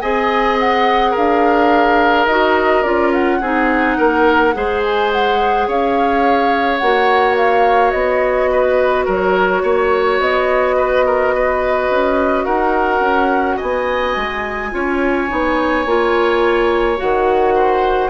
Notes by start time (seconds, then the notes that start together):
0.00 C4 G#4 D#5 G#5
0.59 F#5
1.11 D4 A#4 F5
2.26 D#4 F#4 D#5
2.82 C#4 F4 D5
3.12 F#5
3.40 C4 D#4 G#4
3.97 A#3 A#4
4.53 G#3 G#4 C5
4.83 G#5
5.12 F#5
5.67 C#4 C#5 F5
6.78 A#3 F#4 F#5
7.37 F5
7.91 B3 D#5
8.51 B4
9.05 F#3 A#4 C#5
9.62 A#3 C#5
10.19 B3 D#5
10.77 B4
11.06 A#4
11.34 B4
11.89 C#4
12.44 D#4 A#4 F#5
13.00 C#4
13.56 B3 D#5 G#5
14.16 G#3
14.71 C#4 F4 C#5
15.28 B3 D#4
15.85 A#3 F4
16.96 D#3 F#4 F#5
17.54 C5